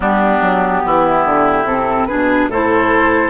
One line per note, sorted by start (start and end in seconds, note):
0.00 0.39 G3
0.00 1.64 B3
0.00 0.82 D4
0.00 1.66 G4
0.40 0.82 F#3
0.85 1.25 E3
0.85 2.08 E4
1.25 1.64 D3
1.64 2.05 C3
1.64 2.08 C4
1.64 2.06 A4
2.06 2.50 D4
2.06 2.49 G#4
2.06 2.47 B4
2.12 2.48 B2
2.48 3.30 A2
2.48 3.30 E4
2.48 3.30 A4
2.48 3.30 C5